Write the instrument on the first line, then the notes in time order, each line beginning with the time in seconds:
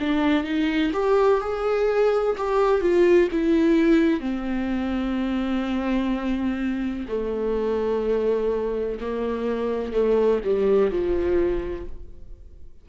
viola
0.00 D4
0.44 D#4
0.93 G4
1.41 G#4
2.37 G4
2.81 F4
3.31 E4
4.20 C4
7.08 A3
9.01 A#3
9.93 A3
10.44 G3
10.91 F3